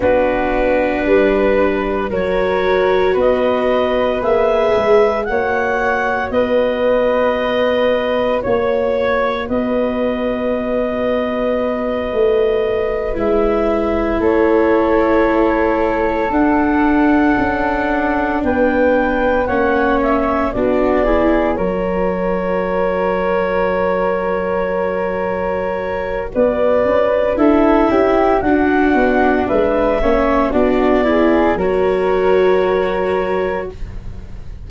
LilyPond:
<<
  \new Staff \with { instrumentName = "clarinet" } { \time 4/4 \tempo 4 = 57 b'2 cis''4 dis''4 | e''4 fis''4 dis''2 | cis''4 dis''2.~ | dis''8 e''4 cis''2 fis''8~ |
fis''4. g''4 fis''8 e''8 d''8~ | d''8 cis''2.~ cis''8~ | cis''4 d''4 e''4 fis''4 | e''4 d''4 cis''2 | }
  \new Staff \with { instrumentName = "flute" } { \time 4/4 fis'4 b'4 ais'4 b'4~ | b'4 cis''4 b'2 | cis''4 b'2.~ | b'4. a'2~ a'8~ |
a'4. b'4 cis''4 fis'8 | gis'8 ais'2.~ ais'8~ | ais'4 b'4 a'8 g'8 fis'4 | b'8 cis''8 fis'8 gis'8 ais'2 | }
  \new Staff \with { instrumentName = "viola" } { \time 4/4 d'2 fis'2 | gis'4 fis'2.~ | fis'1~ | fis'8 e'2. d'8~ |
d'2~ d'8 cis'4 d'8 | e'8 fis'2.~ fis'8~ | fis'2 e'4 d'4~ | d'8 cis'8 d'8 e'8 fis'2 | }
  \new Staff \with { instrumentName = "tuba" } { \time 4/4 b4 g4 fis4 b4 | ais8 gis8 ais4 b2 | ais4 b2~ b8 a8~ | a8 gis4 a2 d'8~ |
d'8 cis'4 b4 ais4 b8~ | b8 fis2.~ fis8~ | fis4 b8 cis'8 d'8 cis'8 d'8 b8 | gis8 ais8 b4 fis2 | }
>>